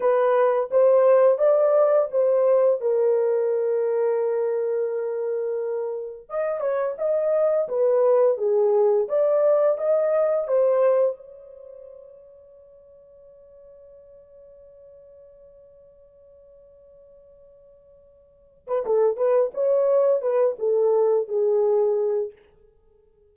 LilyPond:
\new Staff \with { instrumentName = "horn" } { \time 4/4 \tempo 4 = 86 b'4 c''4 d''4 c''4 | ais'1~ | ais'4 dis''8 cis''8 dis''4 b'4 | gis'4 d''4 dis''4 c''4 |
cis''1~ | cis''1~ | cis''2~ cis''8. b'16 a'8 b'8 | cis''4 b'8 a'4 gis'4. | }